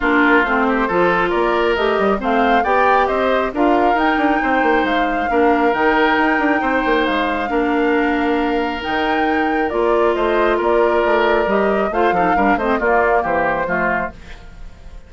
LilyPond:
<<
  \new Staff \with { instrumentName = "flute" } { \time 4/4 \tempo 4 = 136 ais'4 c''2 d''4 | dis''4 f''4 g''4 dis''4 | f''4 g''2 f''4~ | f''4 g''2. |
f''1 | g''2 d''4 dis''4 | d''2 dis''4 f''4~ | f''8 dis''8 d''4 c''2 | }
  \new Staff \with { instrumentName = "oboe" } { \time 4/4 f'4. g'8 a'4 ais'4~ | ais'4 c''4 d''4 c''4 | ais'2 c''2 | ais'2. c''4~ |
c''4 ais'2.~ | ais'2. c''4 | ais'2. c''8 a'8 | ais'8 c''8 f'4 g'4 f'4 | }
  \new Staff \with { instrumentName = "clarinet" } { \time 4/4 d'4 c'4 f'2 | g'4 c'4 g'2 | f'4 dis'2. | d'4 dis'2.~ |
dis'4 d'2. | dis'2 f'2~ | f'2 g'4 f'8 dis'8 | d'8 c'8 ais2 a4 | }
  \new Staff \with { instrumentName = "bassoon" } { \time 4/4 ais4 a4 f4 ais4 | a8 g8 a4 b4 c'4 | d'4 dis'8 d'8 c'8 ais8 gis4 | ais4 dis4 dis'8 d'8 c'8 ais8 |
gis4 ais2. | dis2 ais4 a4 | ais4 a4 g4 a8 f8 | g8 a8 ais4 e4 f4 | }
>>